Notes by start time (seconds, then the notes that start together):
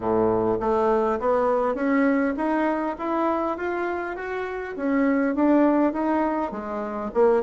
0.00 A2
0.59 A3
1.19 B3
1.74 C#4
2.36 D#4
2.98 E4
3.57 F4
4.16 F#4
4.76 C#4
5.35 D4
5.92 D#4
6.51 G#3
7.13 A#3